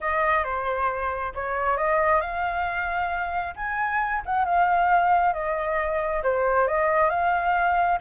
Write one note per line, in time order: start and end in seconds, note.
0.00 0.44 D#5
0.44 1.33 C5
1.34 1.77 C#5
1.77 2.20 D#5
2.20 3.54 F5
3.56 4.22 G#5
4.25 4.44 F#5
4.44 5.33 F5
5.33 6.22 D#5
6.23 6.67 C5
6.67 7.09 D#5
7.09 7.98 F5